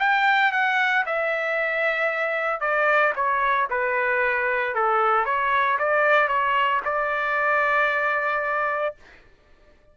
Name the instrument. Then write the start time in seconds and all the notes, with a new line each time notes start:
trumpet
0.00 G5
0.53 F#5
1.06 E5
2.61 D5
3.16 C#5
3.71 B4
4.75 A4
5.26 C#5
5.79 D5
6.28 C#5
6.85 D5